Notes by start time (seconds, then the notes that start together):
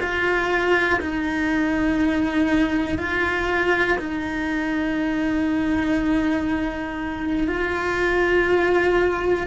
0.00 F4
1.01 D#4
2.98 F4
3.99 D#4
7.48 F4